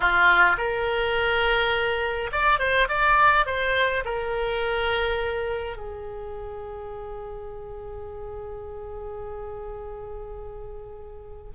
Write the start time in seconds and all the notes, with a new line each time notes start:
0.00 F4
0.57 A#4
2.32 D5
2.59 C5
2.88 D5
3.46 C5
4.04 A#4
5.76 G#4